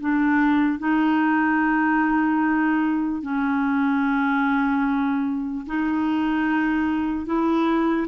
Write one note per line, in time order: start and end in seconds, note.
0.00 0.79 D4
0.79 3.22 D#4
3.22 5.65 C#4
5.66 7.26 D#4
7.26 8.07 E4